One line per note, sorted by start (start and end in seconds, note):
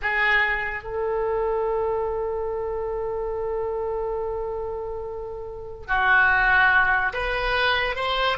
0.02 0.83 G#4
0.83 5.87 A4
5.87 7.13 F#4
7.13 7.95 B4
7.95 8.37 C5